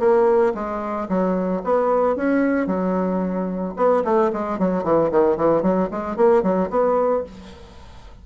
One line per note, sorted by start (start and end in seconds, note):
0.00 0.54 A#3
0.55 1.08 G#3
1.09 1.63 F#3
1.64 2.16 B3
2.16 2.67 C#4
2.67 3.75 F#3
3.77 4.03 B3
4.05 4.31 A3
4.33 4.59 G#3
4.59 4.84 F#3
4.84 5.11 E3
5.12 5.37 D#3
5.37 5.63 E3
5.63 5.90 F#3
5.91 6.17 G#3
6.17 6.43 A#3
6.43 6.70 F#3
6.70 7.24 B3